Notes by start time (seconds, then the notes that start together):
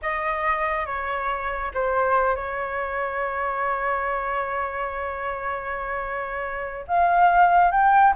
0.02 D#5
0.86 C#5
1.74 C5
2.35 C#5
6.87 F5
7.71 G5